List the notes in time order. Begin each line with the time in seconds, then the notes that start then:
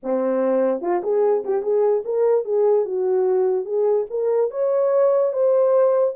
0.03 C4
0.81 F4
1.03 G#4
1.44 G4
1.62 G#4
2.04 A#4
2.44 G#4
2.85 F#4
3.65 G#4
4.09 A#4
4.51 C#5
5.32 C5